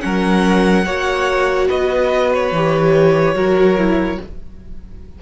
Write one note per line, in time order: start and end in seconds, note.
0.00 0.85 F#3
0.00 0.83 C#4
0.00 0.85 A#4
0.00 1.67 F#5
0.85 1.69 A#3
0.85 2.53 F#4
0.85 1.68 C#5
1.68 2.52 B3
1.68 3.34 B4
1.68 2.32 D#5
2.34 4.22 C#5
2.52 3.34 E3
2.52 3.35 G4
3.34 4.17 F#3
3.34 3.77 F#4
3.34 4.19 A#4
3.77 4.19 E4